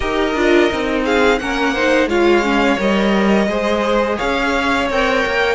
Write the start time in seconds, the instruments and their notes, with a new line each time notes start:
0.00 cello D#4, viola G4, violin A#4 D#5
0.34 cello D4, viola F4
0.70 cello C4, viola D#4
1.04 violin G#4 F5
1.38 cello A#3, viola C#4, violin A#4 F#5
1.73 viola D#4, violin C5
2.07 cello G#3, viola F4, violin C#5 F5
2.43 viola C#4
2.78 cello G3, viola A#4, violin D#5
3.47 cello G#3, viola G#4, violin C5
4.17 cello C#4, violin C#5 F5
4.89 cello C4, viola A#4, violin G5
5.26 cello A#3